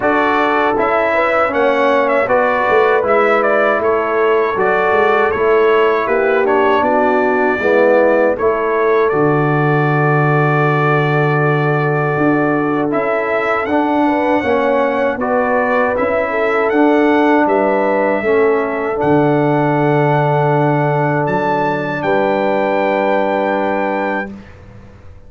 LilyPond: <<
  \new Staff \with { instrumentName = "trumpet" } { \time 4/4 \tempo 4 = 79 d''4 e''4 fis''8. e''16 d''4 | e''8 d''8 cis''4 d''4 cis''4 | b'8 cis''8 d''2 cis''4 | d''1~ |
d''4 e''4 fis''2 | d''4 e''4 fis''4 e''4~ | e''4 fis''2. | a''4 g''2. | }
  \new Staff \with { instrumentName = "horn" } { \time 4/4 a'4. b'8 cis''4 b'4~ | b'4 a'2. | g'4 fis'4 e'4 a'4~ | a'1~ |
a'2~ a'8 b'8 cis''4 | b'4. a'4. b'4 | a'1~ | a'4 b'2. | }
  \new Staff \with { instrumentName = "trombone" } { \time 4/4 fis'4 e'4 cis'4 fis'4 | e'2 fis'4 e'4~ | e'8 d'4. b4 e'4 | fis'1~ |
fis'4 e'4 d'4 cis'4 | fis'4 e'4 d'2 | cis'4 d'2.~ | d'1 | }
  \new Staff \with { instrumentName = "tuba" } { \time 4/4 d'4 cis'4 ais4 b8 a8 | gis4 a4 fis8 gis8 a4 | ais4 b4 gis4 a4 | d1 |
d'4 cis'4 d'4 ais4 | b4 cis'4 d'4 g4 | a4 d2. | fis4 g2. | }
>>